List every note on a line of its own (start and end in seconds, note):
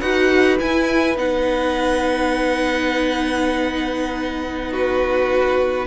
0.00 0.58 D#4
0.00 0.59 F#4
0.00 4.71 B4
0.00 0.57 F#5
0.59 1.16 E4
0.59 1.17 G#5
1.16 5.86 B3
1.16 5.86 D#4
1.16 4.73 F#5
4.71 5.85 F#4
4.71 5.86 B4